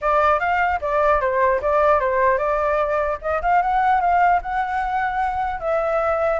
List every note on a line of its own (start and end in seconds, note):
0.01 0.39 D5
0.39 0.79 F5
0.81 1.20 D5
1.20 1.60 C5
1.61 2.00 D5
2.00 2.38 C5
2.38 3.18 D5
3.21 3.41 D#5
3.42 3.61 F5
3.61 4.00 F#5
4.00 4.40 F5
4.42 5.59 F#5
5.59 6.39 E5